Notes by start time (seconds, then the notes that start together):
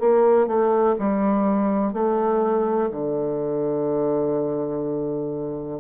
0.00 A#3
0.47 A3
0.99 G3
1.93 A3
2.91 D3